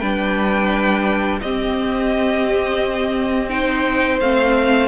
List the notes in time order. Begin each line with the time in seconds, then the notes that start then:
0.00 G3 D4 B4 G5
1.41 C4 G4 D#5
3.50 D#4 C5 G5
4.21 A3 C4 F5